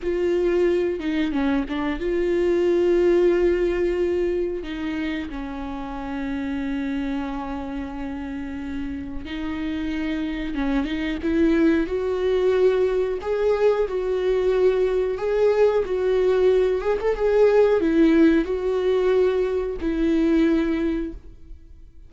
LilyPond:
\new Staff \with { instrumentName = "viola" } { \time 4/4 \tempo 4 = 91 f'4. dis'8 cis'8 d'8 f'4~ | f'2. dis'4 | cis'1~ | cis'2 dis'2 |
cis'8 dis'8 e'4 fis'2 | gis'4 fis'2 gis'4 | fis'4. gis'16 a'16 gis'4 e'4 | fis'2 e'2 | }